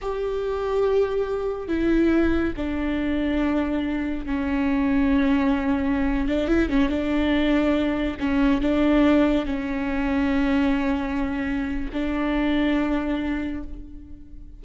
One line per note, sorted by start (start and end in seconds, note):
0.01 1.68 G4
1.68 2.53 E4
2.56 4.26 D4
4.26 6.28 C#4
6.28 6.47 D4
6.47 6.69 E4
6.69 6.89 C#4
6.89 8.17 D4
8.19 8.61 C#4
8.61 9.45 D4
9.45 11.90 C#4
11.92 13.63 D4